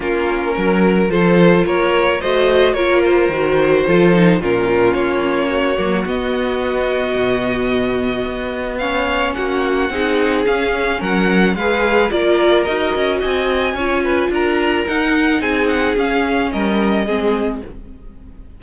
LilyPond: <<
  \new Staff \with { instrumentName = "violin" } { \time 4/4 \tempo 4 = 109 ais'2 c''4 cis''4 | dis''4 cis''8 c''2~ c''8 | ais'4 cis''2 dis''4~ | dis''1 |
f''4 fis''2 f''4 | fis''4 f''4 d''4 dis''4 | gis''2 ais''4 fis''4 | gis''8 fis''8 f''4 dis''2 | }
  \new Staff \with { instrumentName = "violin" } { \time 4/4 f'4 ais'4 a'4 ais'4 | c''4 ais'2 a'4 | f'2 fis'2~ | fis'1 |
cis''4 fis'4 gis'2 | ais'4 b'4 ais'2 | dis''4 cis''8 b'8 ais'2 | gis'2 ais'4 gis'4 | }
  \new Staff \with { instrumentName = "viola" } { \time 4/4 cis'2 f'2 | fis'4 f'4 fis'4 f'8 dis'8 | cis'2~ cis'8 ais8 b4~ | b1 |
cis'2 dis'4 cis'4~ | cis'4 gis'4 f'4 fis'4~ | fis'4 f'2 dis'4~ | dis'4 cis'2 c'4 | }
  \new Staff \with { instrumentName = "cello" } { \time 4/4 ais4 fis4 f4 ais4 | a4 ais4 dis4 f4 | ais,4 ais4. fis8 b4~ | b4 b,2 b4~ |
b4 ais4 c'4 cis'4 | fis4 gis4 ais4 dis'8 cis'8 | c'4 cis'4 d'4 dis'4 | c'4 cis'4 g4 gis4 | }
>>